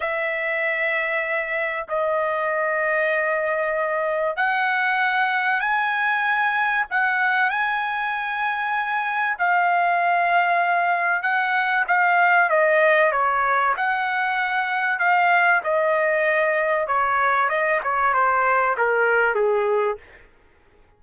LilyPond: \new Staff \with { instrumentName = "trumpet" } { \time 4/4 \tempo 4 = 96 e''2. dis''4~ | dis''2. fis''4~ | fis''4 gis''2 fis''4 | gis''2. f''4~ |
f''2 fis''4 f''4 | dis''4 cis''4 fis''2 | f''4 dis''2 cis''4 | dis''8 cis''8 c''4 ais'4 gis'4 | }